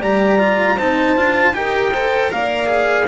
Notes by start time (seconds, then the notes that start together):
0.00 G3 G4 D5 A#5
0.39 F4
0.76 C4 D#4 C5 A5
1.17 D4 F4
1.54 D#4 G4 A#4 G5
1.93 A4 C5
2.31 A#3 A#4 D5 F5
2.67 G#4